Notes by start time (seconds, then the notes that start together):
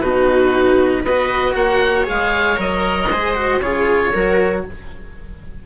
0.00 B2 D#4 F#4 B4
1.02 B3 F#4 B4 D#5
1.54 A#3 C#5 F#5
2.04 G#3 G#4 F5
2.56 F#3 A#4 D#5
3.10 G#3 G#4 C5
3.35 F#4
3.59 C#3 F4 G#4 C#5
4.12 F#3 F#4 A#4